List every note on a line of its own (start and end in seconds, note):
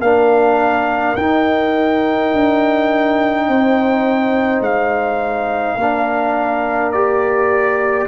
0.00 1.15 A#3
0.00 1.17 D4
0.00 3.48 A#4
0.00 1.16 F5
1.16 2.32 D#4
1.16 5.80 D#4
1.16 4.62 G5
2.33 3.49 D4
3.48 4.61 C4
3.48 5.77 C5
4.61 5.76 G#3
4.61 6.92 F5
5.76 8.06 A#3
5.76 8.07 A#4
5.82 6.94 D4
6.92 8.08 G4
6.92 8.07 D5